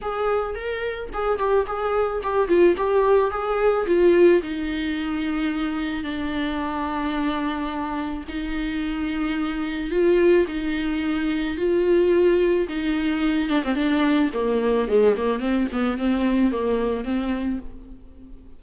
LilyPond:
\new Staff \with { instrumentName = "viola" } { \time 4/4 \tempo 4 = 109 gis'4 ais'4 gis'8 g'8 gis'4 | g'8 f'8 g'4 gis'4 f'4 | dis'2. d'4~ | d'2. dis'4~ |
dis'2 f'4 dis'4~ | dis'4 f'2 dis'4~ | dis'8 d'16 c'16 d'4 ais4 gis8 ais8 | c'8 b8 c'4 ais4 c'4 | }